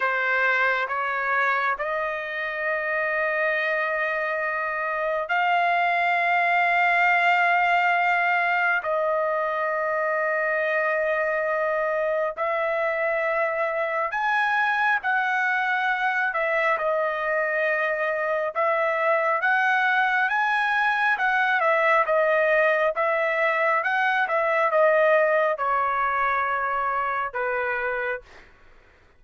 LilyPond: \new Staff \with { instrumentName = "trumpet" } { \time 4/4 \tempo 4 = 68 c''4 cis''4 dis''2~ | dis''2 f''2~ | f''2 dis''2~ | dis''2 e''2 |
gis''4 fis''4. e''8 dis''4~ | dis''4 e''4 fis''4 gis''4 | fis''8 e''8 dis''4 e''4 fis''8 e''8 | dis''4 cis''2 b'4 | }